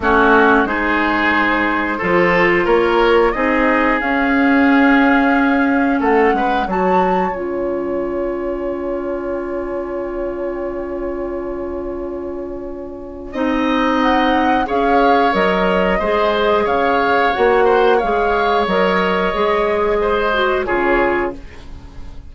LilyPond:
<<
  \new Staff \with { instrumentName = "flute" } { \time 4/4 \tempo 4 = 90 cis''4 c''2. | cis''4 dis''4 f''2~ | f''4 fis''4 a''4 gis''4~ | gis''1~ |
gis''1~ | gis''4 fis''4 f''4 dis''4~ | dis''4 f''4 fis''4 f''4 | dis''2. cis''4 | }
  \new Staff \with { instrumentName = "oboe" } { \time 4/4 fis'4 gis'2 a'4 | ais'4 gis'2.~ | gis'4 a'8 b'8 cis''2~ | cis''1~ |
cis''1 | dis''2 cis''2 | c''4 cis''4. c''8 cis''4~ | cis''2 c''4 gis'4 | }
  \new Staff \with { instrumentName = "clarinet" } { \time 4/4 cis'4 dis'2 f'4~ | f'4 dis'4 cis'2~ | cis'2 fis'4 f'4~ | f'1~ |
f'1 | dis'2 gis'4 ais'4 | gis'2 fis'4 gis'4 | ais'4 gis'4. fis'8 f'4 | }
  \new Staff \with { instrumentName = "bassoon" } { \time 4/4 a4 gis2 f4 | ais4 c'4 cis'2~ | cis'4 a8 gis8 fis4 cis'4~ | cis'1~ |
cis'1 | c'2 cis'4 fis4 | gis4 cis4 ais4 gis4 | fis4 gis2 cis4 | }
>>